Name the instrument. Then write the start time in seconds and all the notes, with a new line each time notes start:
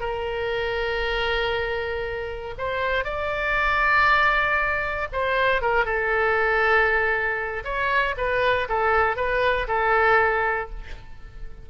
oboe
0.00 A#4
2.58 C5
3.04 D5
5.12 C5
5.61 A#4
5.85 A4
7.64 C#5
8.17 B4
8.69 A4
9.16 B4
9.68 A4